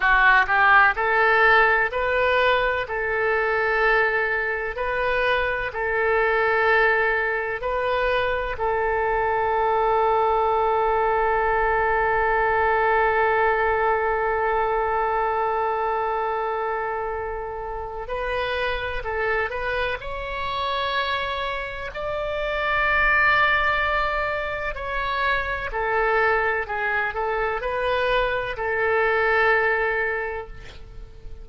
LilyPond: \new Staff \with { instrumentName = "oboe" } { \time 4/4 \tempo 4 = 63 fis'8 g'8 a'4 b'4 a'4~ | a'4 b'4 a'2 | b'4 a'2.~ | a'1~ |
a'2. b'4 | a'8 b'8 cis''2 d''4~ | d''2 cis''4 a'4 | gis'8 a'8 b'4 a'2 | }